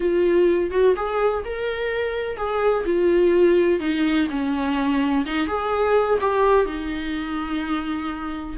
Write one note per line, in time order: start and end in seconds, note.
0.00 0.70 F4
0.70 0.94 F#4
0.95 1.43 G#4
1.44 2.36 A#4
2.36 2.84 G#4
2.85 3.80 F4
3.80 4.27 D#4
4.29 5.25 C#4
5.25 5.47 D#4
5.47 6.18 G#4
6.21 6.65 G4
6.65 8.56 D#4